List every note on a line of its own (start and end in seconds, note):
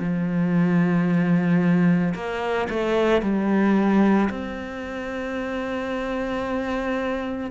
0.00 2.14 F3
2.15 2.68 A#3
2.70 3.22 A3
3.22 4.30 G3
4.30 7.51 C4